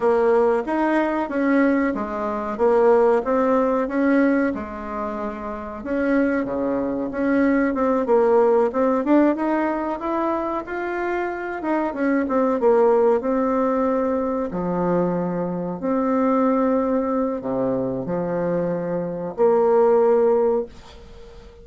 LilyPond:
\new Staff \with { instrumentName = "bassoon" } { \time 4/4 \tempo 4 = 93 ais4 dis'4 cis'4 gis4 | ais4 c'4 cis'4 gis4~ | gis4 cis'4 cis4 cis'4 | c'8 ais4 c'8 d'8 dis'4 e'8~ |
e'8 f'4. dis'8 cis'8 c'8 ais8~ | ais8 c'2 f4.~ | f8 c'2~ c'8 c4 | f2 ais2 | }